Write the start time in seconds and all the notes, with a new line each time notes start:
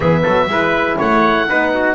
0.00 E3 B3 G#4 E5
0.23 F#3 A4
0.47 G#3 E4 B4
0.98 A3 C#5 F#5
1.48 B3 D#4 B4
1.74 F#4